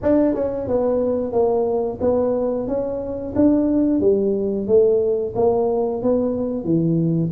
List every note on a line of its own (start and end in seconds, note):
0.02 0.34 D4
0.34 0.67 C#4
0.67 1.32 B3
1.32 1.98 A#3
2.00 2.67 B3
2.67 3.34 C#4
3.35 4.00 D4
4.00 4.67 G3
4.67 5.33 A3
5.35 6.02 A#3
6.02 6.64 B3
6.64 7.31 E3